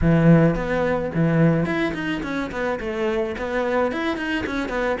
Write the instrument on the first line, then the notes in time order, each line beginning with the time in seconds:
cello
0.01 E3
0.55 B3
1.14 E3
1.65 E4
1.94 D#4
2.22 C#4
2.51 B3
2.80 A3
3.38 B3
3.91 E4
4.17 D#4
4.46 C#4
4.68 B3